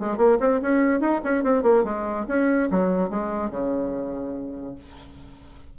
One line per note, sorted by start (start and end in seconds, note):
0.00 0.18 G#3
0.18 0.38 A#3
0.40 0.61 C4
0.62 1.01 C#4
1.01 1.21 D#4
1.24 1.44 C#4
1.44 1.63 C4
1.63 1.84 A#3
1.84 2.26 G#3
2.28 2.70 C#4
2.71 3.10 F#3
3.10 3.51 G#3
3.51 4.76 C#3